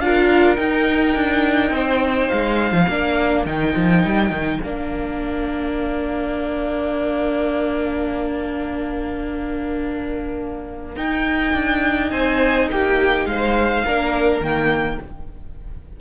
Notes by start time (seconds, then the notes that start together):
0.00 D4 F4 A#4 F5
0.56 D#4 G5
1.16 D4
1.71 C4 C5
2.29 G#3 F5
2.72 F3
2.86 A#3 D4 A#4
3.46 D#3 D#4 G5
3.76 F3
4.05 G3
4.31 D#3
4.61 A#3 D4 F5
10.96 D#4 G5
11.54 D4
12.11 C4 C5 G#5
12.71 A#3 G4 G5
13.26 G#3 C5 F5
13.84 A#3 D4 A#4
14.41 D#3 A#3 G5